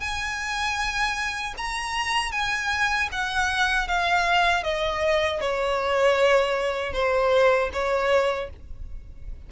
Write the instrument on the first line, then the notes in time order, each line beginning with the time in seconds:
violin
0.00 G#5
1.57 A#5
2.31 G#5
3.12 F#5
3.87 F5
4.63 D#5
5.40 C#5
6.93 C5
7.73 C#5